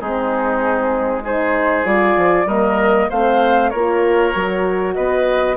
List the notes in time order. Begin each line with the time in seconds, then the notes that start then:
0.00 G#3 C4 D#4 G#4
1.23 D#4 G#4 C5
1.84 G3 F4 D5
2.17 F3
2.45 G3 A#3 A#4 D#5
3.09 A3 C4 C5 F5
3.70 A#3 F4 A#4 C#5
4.34 F#3 F#4
4.94 B3 B4 D#5